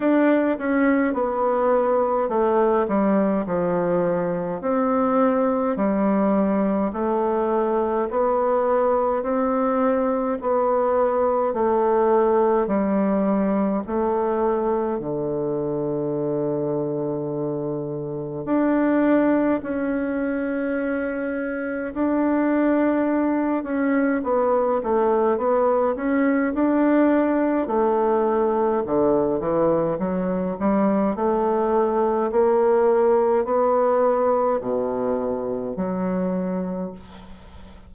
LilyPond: \new Staff \with { instrumentName = "bassoon" } { \time 4/4 \tempo 4 = 52 d'8 cis'8 b4 a8 g8 f4 | c'4 g4 a4 b4 | c'4 b4 a4 g4 | a4 d2. |
d'4 cis'2 d'4~ | d'8 cis'8 b8 a8 b8 cis'8 d'4 | a4 d8 e8 fis8 g8 a4 | ais4 b4 b,4 fis4 | }